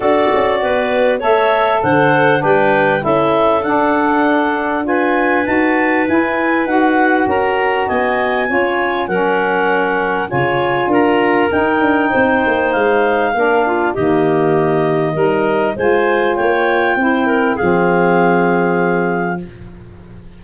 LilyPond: <<
  \new Staff \with { instrumentName = "clarinet" } { \time 4/4 \tempo 4 = 99 d''2 e''4 fis''4 | g''4 e''4 fis''2 | gis''4 a''4 gis''4 fis''4 | ais''4 gis''2 fis''4~ |
fis''4 gis''4 ais''4 g''4~ | g''4 f''2 dis''4~ | dis''2 gis''4 g''4~ | g''4 f''2. | }
  \new Staff \with { instrumentName = "clarinet" } { \time 4/4 a'4 b'4 cis''4 c''4 | b'4 a'2. | b'1 | ais'4 dis''4 cis''4 ais'4~ |
ais'4 cis''4 ais'2 | c''2 ais'8 f'8 g'4~ | g'4 ais'4 c''4 cis''4 | c''8 ais'8 gis'2. | }
  \new Staff \with { instrumentName = "saxophone" } { \time 4/4 fis'2 a'2 | d'4 e'4 d'2 | f'4 fis'4 e'4 fis'4~ | fis'2 f'4 cis'4~ |
cis'4 f'2 dis'4~ | dis'2 d'4 ais4~ | ais4 dis'4 f'2 | e'4 c'2. | }
  \new Staff \with { instrumentName = "tuba" } { \time 4/4 d'8 cis'8 b4 a4 d4 | g4 cis'4 d'2~ | d'4 dis'4 e'4 dis'4 | cis'4 b4 cis'4 fis4~ |
fis4 cis4 d'4 dis'8 d'8 | c'8 ais8 gis4 ais4 dis4~ | dis4 g4 gis4 ais4 | c'4 f2. | }
>>